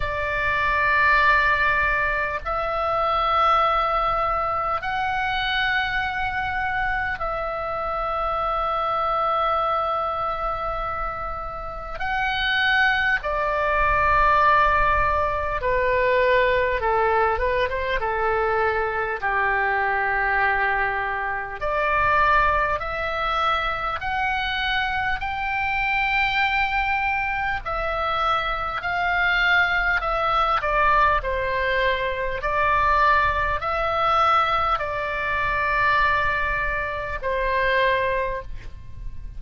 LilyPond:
\new Staff \with { instrumentName = "oboe" } { \time 4/4 \tempo 4 = 50 d''2 e''2 | fis''2 e''2~ | e''2 fis''4 d''4~ | d''4 b'4 a'8 b'16 c''16 a'4 |
g'2 d''4 e''4 | fis''4 g''2 e''4 | f''4 e''8 d''8 c''4 d''4 | e''4 d''2 c''4 | }